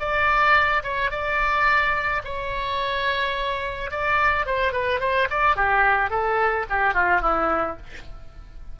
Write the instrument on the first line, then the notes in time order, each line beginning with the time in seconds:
oboe
0.00 D5
0.83 C#5
1.11 D5
2.25 C#5
3.91 D5
4.46 C5
4.73 B4
5.01 C5
5.30 D5
5.56 G4
6.10 A4
6.70 G4
6.94 F4
7.22 E4